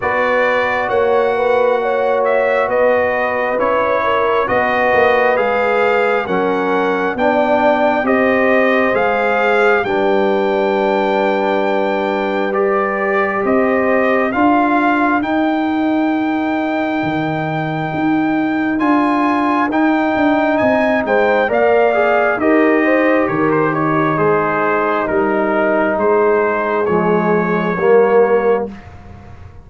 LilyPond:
<<
  \new Staff \with { instrumentName = "trumpet" } { \time 4/4 \tempo 4 = 67 d''4 fis''4. e''8 dis''4 | cis''4 dis''4 f''4 fis''4 | g''4 dis''4 f''4 g''4~ | g''2 d''4 dis''4 |
f''4 g''2.~ | g''4 gis''4 g''4 gis''8 g''8 | f''4 dis''4 cis''16 c''16 cis''8 c''4 | ais'4 c''4 cis''2 | }
  \new Staff \with { instrumentName = "horn" } { \time 4/4 b'4 cis''8 b'8 cis''4 b'4~ | b'8 ais'8 b'2 ais'4 | d''4 c''2 b'4~ | b'2. c''4 |
ais'1~ | ais'2. dis''8 c''8 | d''4 ais'8 c''8 ais'8 dis'4.~ | dis'4 gis'2 ais'4 | }
  \new Staff \with { instrumentName = "trombone" } { \time 4/4 fis'1 | e'4 fis'4 gis'4 cis'4 | d'4 g'4 gis'4 d'4~ | d'2 g'2 |
f'4 dis'2.~ | dis'4 f'4 dis'2 | ais'8 gis'8 g'2 gis'4 | dis'2 gis4 ais4 | }
  \new Staff \with { instrumentName = "tuba" } { \time 4/4 b4 ais2 b4 | cis'4 b8 ais8 gis4 fis4 | b4 c'4 gis4 g4~ | g2. c'4 |
d'4 dis'2 dis4 | dis'4 d'4 dis'8 d'8 c'8 gis8 | ais4 dis'4 dis4 gis4 | g4 gis4 f4 g4 | }
>>